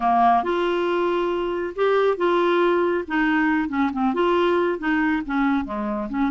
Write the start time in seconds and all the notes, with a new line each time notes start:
0.00 A#3
0.43 F4
1.75 G4
2.17 F4
3.07 D#4
3.69 C#4
3.92 C4
4.13 F4
4.78 D#4
5.25 C#4
5.64 G#3
6.09 C#4